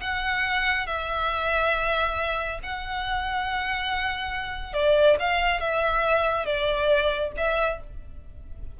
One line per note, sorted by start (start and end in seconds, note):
0.00 0.86 F#5
0.86 2.59 E5
2.63 4.73 F#5
4.73 5.16 D5
5.19 5.60 F5
5.60 6.45 E5
6.45 7.32 D5
7.37 7.80 E5